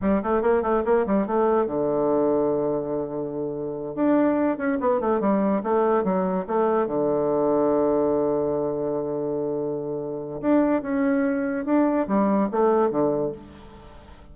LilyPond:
\new Staff \with { instrumentName = "bassoon" } { \time 4/4 \tempo 4 = 144 g8 a8 ais8 a8 ais8 g8 a4 | d1~ | d4. d'4. cis'8 b8 | a8 g4 a4 fis4 a8~ |
a8 d2.~ d8~ | d1~ | d4 d'4 cis'2 | d'4 g4 a4 d4 | }